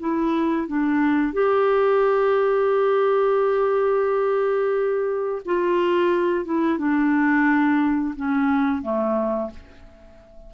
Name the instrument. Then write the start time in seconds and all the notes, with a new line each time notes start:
clarinet
0.00 E4
0.68 D4
1.33 G4
5.46 F4
6.45 E4
6.79 D4
8.16 C#4
8.82 A3